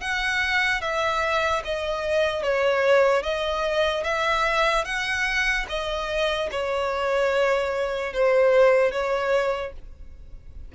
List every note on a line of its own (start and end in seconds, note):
0.00 0.81 F#5
0.81 1.62 E5
1.64 2.43 D#5
2.43 3.22 C#5
3.22 4.03 D#5
4.03 4.84 E5
4.84 5.65 F#5
5.68 6.49 D#5
6.51 8.13 C#5
8.13 8.91 C5
8.91 9.72 C#5